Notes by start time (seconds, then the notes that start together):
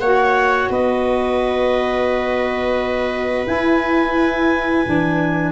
0.00 A#3 F#4 C#5 F#5
0.70 B3 B4 D#5
3.47 E4 G#5
4.85 E3 D4